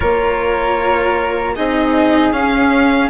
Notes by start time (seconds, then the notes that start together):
0.00 A#3 F4 A#4 C#5
1.55 C4 D#4 G#4 D#5
2.32 C#4 F5